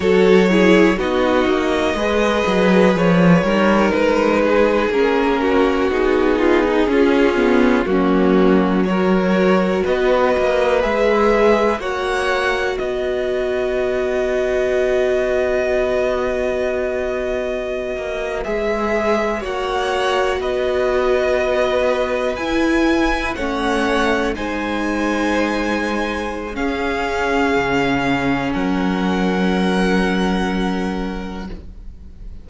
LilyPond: <<
  \new Staff \with { instrumentName = "violin" } { \time 4/4 \tempo 4 = 61 cis''4 dis''2 cis''4 | b'4 ais'4 gis'2 | fis'4 cis''4 dis''4 e''4 | fis''4 dis''2.~ |
dis''2~ dis''8. e''4 fis''16~ | fis''8. dis''2 gis''4 fis''16~ | fis''8. gis''2~ gis''16 f''4~ | f''4 fis''2. | }
  \new Staff \with { instrumentName = "violin" } { \time 4/4 a'8 gis'8 fis'4 b'4. ais'8~ | ais'8 gis'4 fis'4 f'16 dis'16 f'4 | cis'4 ais'4 b'2 | cis''4 b'2.~ |
b'2.~ b'8. cis''16~ | cis''8. b'2. cis''16~ | cis''8. c''2~ c''16 gis'4~ | gis'4 ais'2. | }
  \new Staff \with { instrumentName = "viola" } { \time 4/4 fis'8 e'8 dis'4 gis'4. dis'8~ | dis'4 cis'4 dis'4 cis'8 b8 | ais4 fis'2 gis'4 | fis'1~ |
fis'2~ fis'8. gis'4 fis'16~ | fis'2~ fis'8. e'4 cis'16~ | cis'8. dis'2~ dis'16 cis'4~ | cis'1 | }
  \new Staff \with { instrumentName = "cello" } { \time 4/4 fis4 b8 ais8 gis8 fis8 f8 g8 | gis4 ais4 b4 cis'4 | fis2 b8 ais8 gis4 | ais4 b2.~ |
b2~ b16 ais8 gis4 ais16~ | ais8. b2 e'4 a16~ | a8. gis2~ gis16 cis'4 | cis4 fis2. | }
>>